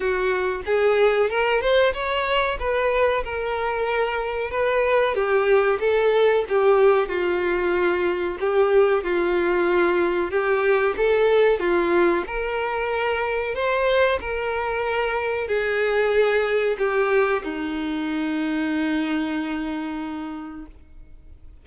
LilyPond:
\new Staff \with { instrumentName = "violin" } { \time 4/4 \tempo 4 = 93 fis'4 gis'4 ais'8 c''8 cis''4 | b'4 ais'2 b'4 | g'4 a'4 g'4 f'4~ | f'4 g'4 f'2 |
g'4 a'4 f'4 ais'4~ | ais'4 c''4 ais'2 | gis'2 g'4 dis'4~ | dis'1 | }